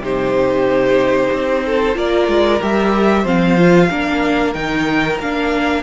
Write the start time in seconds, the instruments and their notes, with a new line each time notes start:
0.00 cello C3, viola D#4, violin G4 C5
1.33 cello C4
1.66 violin A4
1.94 cello A#3, viola F4, violin A#4 D5
2.28 cello G#3
2.62 cello G3, viola G4, violin E5
3.23 cello F3, viola C4, violin C5 F5
3.58 viola F4
3.91 cello A#3, viola D4, violin A#4
4.54 cello D#3, viola D#4, violin G5
5.20 cello A#3, viola D4, violin F5